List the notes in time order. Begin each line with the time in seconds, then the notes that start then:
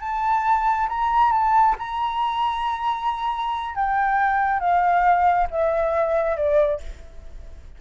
0.00 A5
0.88 A#5
1.31 A5
1.78 A#5
3.75 G5
4.59 F5
5.50 E5
6.36 D5